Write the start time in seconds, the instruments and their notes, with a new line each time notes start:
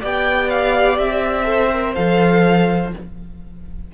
0.00 cello B3, viola G4, violin D5 G5
0.49 violin F5
0.98 cello C4, violin E5
1.44 viola A4, violin C5
1.73 viola A#4
1.95 cello F3, viola A4, violin F5